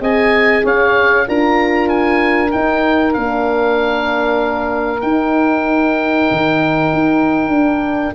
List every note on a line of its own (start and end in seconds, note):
0.00 0.62 C4
0.00 1.25 G#4
0.00 0.63 D#5
0.00 0.65 G#5
0.63 1.27 C#4
0.63 1.25 C#5
0.63 1.28 F5
1.26 2.53 D4
1.26 2.50 F4
1.26 8.14 A#4
1.26 1.88 A#5
1.88 2.51 G#5
2.50 3.13 D#4
2.50 3.16 D#4
2.50 3.13 G5
3.13 5.02 A#3
3.13 5.01 D4
3.13 5.00 F5
5.01 7.51 D#4
5.01 6.27 D#4
5.01 8.13 G5
6.31 6.93 D#3
6.93 7.48 D#4
7.48 8.10 D4
7.48 8.14 D4